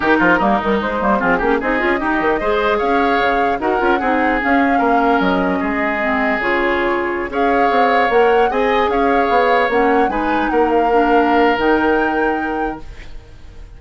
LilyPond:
<<
  \new Staff \with { instrumentName = "flute" } { \time 4/4 \tempo 4 = 150 ais'2 c''4 gis'4 | dis''2. f''4~ | f''4 fis''2 f''4~ | f''4 dis''2. |
cis''2~ cis''16 f''4.~ f''16~ | f''16 fis''4 gis''4 f''4.~ f''16~ | f''16 fis''4 gis''4 fis''8 f''4~ f''16~ | f''4 g''2. | }
  \new Staff \with { instrumentName = "oboe" } { \time 4/4 g'8 f'8 dis'2 f'8 g'8 | gis'4 g'4 c''4 cis''4~ | cis''4 ais'4 gis'2 | ais'2 gis'2~ |
gis'2~ gis'16 cis''4.~ cis''16~ | cis''4~ cis''16 dis''4 cis''4.~ cis''16~ | cis''4~ cis''16 b'4 ais'4.~ ais'16~ | ais'1 | }
  \new Staff \with { instrumentName = "clarinet" } { \time 4/4 dis'4 ais8 g8 gis8 ais8 c'8 cis'8 | dis'8 f'8 dis'4 gis'2~ | gis'4 fis'8 f'8 dis'4 cis'4~ | cis'2. c'4 |
f'2~ f'16 gis'4.~ gis'16~ | gis'16 ais'4 gis'2~ gis'8.~ | gis'16 cis'4 dis'2 d'8.~ | d'4 dis'2. | }
  \new Staff \with { instrumentName = "bassoon" } { \time 4/4 dis8 f8 g8 dis8 gis8 g8 f8 ais8 | c'8 cis'8 dis'8 dis8 gis4 cis'4 | cis4 dis'8 cis'8 c'4 cis'4 | ais4 fis4 gis2 |
cis2~ cis16 cis'4 c'8.~ | c'16 ais4 c'4 cis'4 b8.~ | b16 ais4 gis4 ais4.~ ais16~ | ais4 dis2. | }
>>